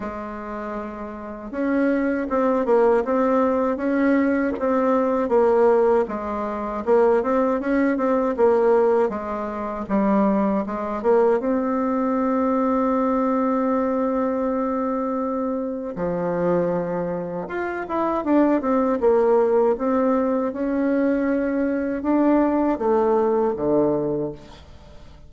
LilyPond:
\new Staff \with { instrumentName = "bassoon" } { \time 4/4 \tempo 4 = 79 gis2 cis'4 c'8 ais8 | c'4 cis'4 c'4 ais4 | gis4 ais8 c'8 cis'8 c'8 ais4 | gis4 g4 gis8 ais8 c'4~ |
c'1~ | c'4 f2 f'8 e'8 | d'8 c'8 ais4 c'4 cis'4~ | cis'4 d'4 a4 d4 | }